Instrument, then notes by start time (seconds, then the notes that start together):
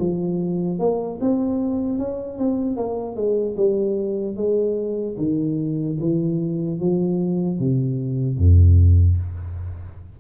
tuba
0.00 F3
0.80 A#3
1.21 C4
1.99 C#4
2.39 C4
2.77 A#3
3.16 G#3
3.57 G3
4.37 G#3
5.18 D#3
6.01 E3
6.80 F3
7.59 C3
8.38 F2